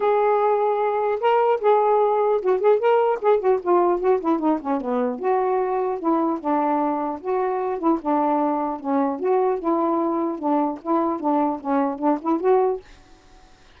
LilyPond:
\new Staff \with { instrumentName = "saxophone" } { \time 4/4 \tempo 4 = 150 gis'2. ais'4 | gis'2 fis'8 gis'8 ais'4 | gis'8 fis'8 f'4 fis'8 e'8 dis'8 cis'8 | b4 fis'2 e'4 |
d'2 fis'4. e'8 | d'2 cis'4 fis'4 | e'2 d'4 e'4 | d'4 cis'4 d'8 e'8 fis'4 | }